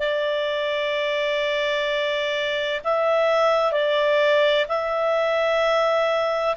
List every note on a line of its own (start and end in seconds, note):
0.00 2.81 D5
2.85 3.72 E5
3.72 4.66 D5
4.69 6.56 E5